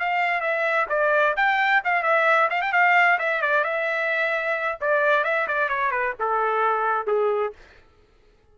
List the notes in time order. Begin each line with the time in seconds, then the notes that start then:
0.00 F5
0.41 E5
0.90 D5
1.37 G5
1.85 F5
2.03 E5
2.50 F5
2.62 G5
2.73 F5
3.19 E5
3.42 D5
3.64 E5
4.81 D5
5.24 E5
5.48 D5
5.69 C#5
5.91 B4
6.20 A4
7.07 G#4